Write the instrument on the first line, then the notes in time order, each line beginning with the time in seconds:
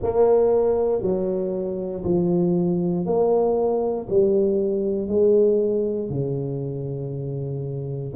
tuba
0.02 A#3
1.02 F#3
2.03 F3
3.05 A#3
4.09 G3
5.08 G#3
6.09 C#3